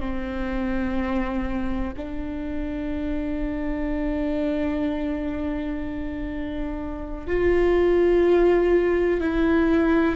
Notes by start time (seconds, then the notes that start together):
0.00 C4
1.96 D4
7.27 F4
9.21 E4